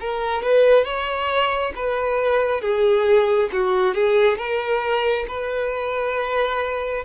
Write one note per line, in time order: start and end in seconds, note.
0.00 0.43 A#4
0.43 0.84 B4
0.84 1.72 C#5
1.75 2.61 B4
2.61 3.49 G#4
3.52 3.94 F#4
3.94 4.37 G#4
4.37 5.25 A#4
5.28 7.04 B4